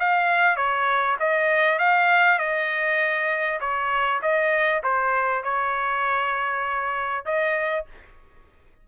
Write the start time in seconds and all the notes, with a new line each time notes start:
0.00 F5
0.57 C#5
1.20 D#5
1.79 F5
2.39 D#5
3.61 C#5
4.22 D#5
4.83 C5
5.44 C#5
7.26 D#5